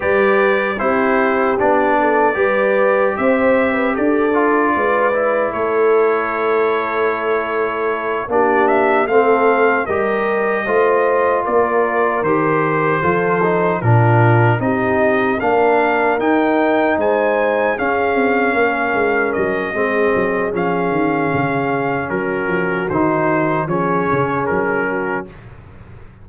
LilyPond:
<<
  \new Staff \with { instrumentName = "trumpet" } { \time 4/4 \tempo 4 = 76 d''4 c''4 d''2 | e''4 d''2 cis''4~ | cis''2~ cis''8 d''8 e''8 f''8~ | f''8 dis''2 d''4 c''8~ |
c''4. ais'4 dis''4 f''8~ | f''8 g''4 gis''4 f''4.~ | f''8 dis''4. f''2 | ais'4 c''4 cis''4 ais'4 | }
  \new Staff \with { instrumentName = "horn" } { \time 4/4 b'4 g'4. a'8 b'4 | c''8. b'16 a'4 b'4 a'4~ | a'2~ a'8 g'4 a'8~ | a'8 ais'4 c''4 ais'4.~ |
ais'8 a'4 f'4 g'4 ais'8~ | ais'4. c''4 gis'4 ais'8~ | ais'4 gis'2. | fis'2 gis'4. fis'8 | }
  \new Staff \with { instrumentName = "trombone" } { \time 4/4 g'4 e'4 d'4 g'4~ | g'4. f'4 e'4.~ | e'2~ e'8 d'4 c'8~ | c'8 g'4 f'2 g'8~ |
g'8 f'8 dis'8 d'4 dis'4 d'8~ | d'8 dis'2 cis'4.~ | cis'4 c'4 cis'2~ | cis'4 dis'4 cis'2 | }
  \new Staff \with { instrumentName = "tuba" } { \time 4/4 g4 c'4 b4 g4 | c'4 d'4 gis4 a4~ | a2~ a8 ais4 a8~ | a8 g4 a4 ais4 dis8~ |
dis8 f4 ais,4 c'4 ais8~ | ais8 dis'4 gis4 cis'8 c'8 ais8 | gis8 fis8 gis8 fis8 f8 dis8 cis4 | fis8 f8 dis4 f8 cis8 fis4 | }
>>